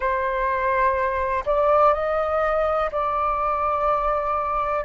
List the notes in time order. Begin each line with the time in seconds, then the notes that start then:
0.00 C5
1.45 D5
1.94 D#5
2.91 D5